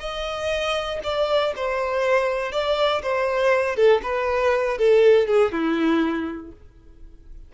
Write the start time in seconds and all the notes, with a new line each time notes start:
0.00 D#5
1.04 D5
1.56 C5
2.52 D5
3.03 C5
3.76 A4
4.03 B4
4.78 A4
5.27 G#4
5.52 E4